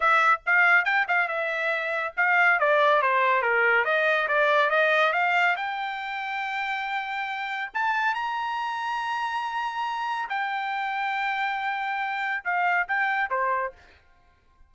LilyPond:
\new Staff \with { instrumentName = "trumpet" } { \time 4/4 \tempo 4 = 140 e''4 f''4 g''8 f''8 e''4~ | e''4 f''4 d''4 c''4 | ais'4 dis''4 d''4 dis''4 | f''4 g''2.~ |
g''2 a''4 ais''4~ | ais''1 | g''1~ | g''4 f''4 g''4 c''4 | }